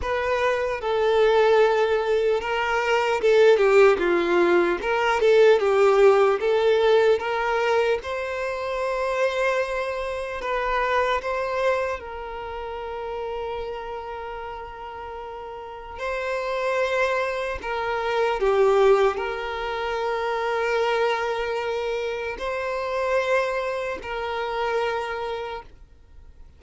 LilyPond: \new Staff \with { instrumentName = "violin" } { \time 4/4 \tempo 4 = 75 b'4 a'2 ais'4 | a'8 g'8 f'4 ais'8 a'8 g'4 | a'4 ais'4 c''2~ | c''4 b'4 c''4 ais'4~ |
ais'1 | c''2 ais'4 g'4 | ais'1 | c''2 ais'2 | }